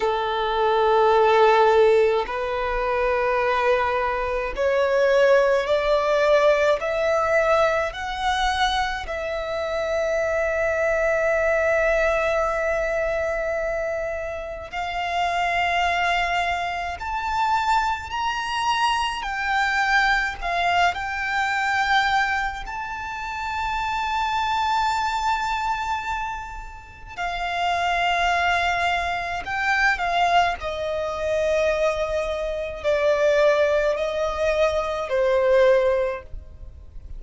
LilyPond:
\new Staff \with { instrumentName = "violin" } { \time 4/4 \tempo 4 = 53 a'2 b'2 | cis''4 d''4 e''4 fis''4 | e''1~ | e''4 f''2 a''4 |
ais''4 g''4 f''8 g''4. | a''1 | f''2 g''8 f''8 dis''4~ | dis''4 d''4 dis''4 c''4 | }